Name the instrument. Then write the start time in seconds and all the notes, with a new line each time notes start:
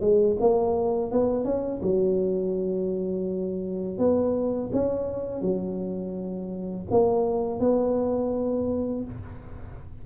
tuba
0.00 G#3
0.40 A#3
1.11 B3
1.44 C#4
1.82 F#3
3.98 B3
4.72 C#4
5.41 F#3
6.90 A#3
7.59 B3